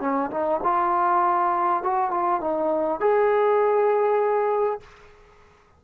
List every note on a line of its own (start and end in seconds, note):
0.00 0.30 C#4
0.31 0.61 D#4
0.63 1.83 F4
1.83 2.11 F#4
2.11 2.41 F4
2.41 3.00 D#4
3.00 4.80 G#4